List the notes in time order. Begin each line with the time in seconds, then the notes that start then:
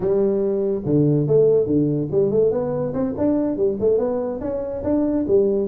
0.00 G3
0.85 D3
1.27 A3
1.66 D3
2.11 G3
2.30 A3
2.51 B3
2.93 C4
3.17 D4
3.56 G3
3.80 A3
3.98 B3
4.41 C#4
4.83 D4
5.27 G3